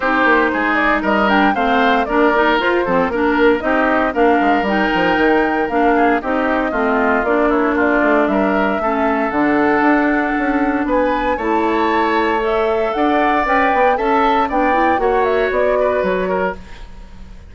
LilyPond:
<<
  \new Staff \with { instrumentName = "flute" } { \time 4/4 \tempo 4 = 116 c''4. d''8 dis''8 g''8 f''4 | d''4 c''4 ais'4 dis''4 | f''4 g''2 f''4 | dis''2 d''8 cis''8 d''4 |
e''2 fis''2~ | fis''4 gis''4 a''2 | e''4 fis''4 g''4 a''4 | g''4 fis''8 e''8 d''4 cis''4 | }
  \new Staff \with { instrumentName = "oboe" } { \time 4/4 g'4 gis'4 ais'4 c''4 | ais'4. a'8 ais'4 g'4 | ais'2.~ ais'8 gis'8 | g'4 f'4. e'8 f'4 |
ais'4 a'2.~ | a'4 b'4 cis''2~ | cis''4 d''2 e''4 | d''4 cis''4. b'4 ais'8 | }
  \new Staff \with { instrumentName = "clarinet" } { \time 4/4 dis'2~ dis'8 d'8 c'4 | d'8 dis'8 f'8 c'8 d'4 dis'4 | d'4 dis'2 d'4 | dis'4 c'4 d'2~ |
d'4 cis'4 d'2~ | d'2 e'2 | a'2 b'4 a'4 | d'8 e'8 fis'2. | }
  \new Staff \with { instrumentName = "bassoon" } { \time 4/4 c'8 ais8 gis4 g4 a4 | ais4 f'8 f8 ais4 c'4 | ais8 gis8 g8 f8 dis4 ais4 | c'4 a4 ais4. a8 |
g4 a4 d4 d'4 | cis'4 b4 a2~ | a4 d'4 cis'8 b8 cis'4 | b4 ais4 b4 fis4 | }
>>